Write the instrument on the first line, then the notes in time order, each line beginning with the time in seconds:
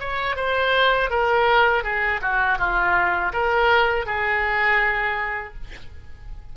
oboe
0.00 C#5
0.37 C5
1.10 A#4
1.84 G#4
2.22 F#4
2.59 F4
3.33 A#4
4.06 G#4